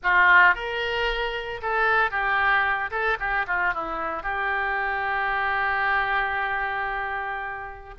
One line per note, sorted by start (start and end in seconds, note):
0.03 0.54 F4
0.54 1.61 A#4
1.62 2.10 A4
2.10 2.90 G4
2.91 3.17 A4
3.19 3.46 G4
3.47 3.73 F4
3.74 4.22 E4
4.22 7.94 G4